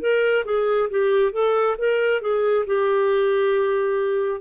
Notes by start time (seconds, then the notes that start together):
0.00 A#4
0.45 G#4
0.90 G4
1.32 A4
1.78 A#4
2.21 G#4
2.66 G4